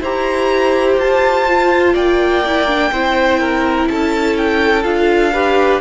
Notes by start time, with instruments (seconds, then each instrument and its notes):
0.00 cello E4, viola G4, violin C5 A#5
0.97 cello F4, violin A5
1.47 viola F4
1.93 cello A#3, violin D5 G5
2.46 viola E4
2.67 viola D4
2.91 cello C4, viola E4, violin C5
3.40 violin A#4
3.87 cello C#4, violin A4 A5
4.36 violin G5
4.83 cello D4, viola F4, violin F5
5.32 viola G4, violin B4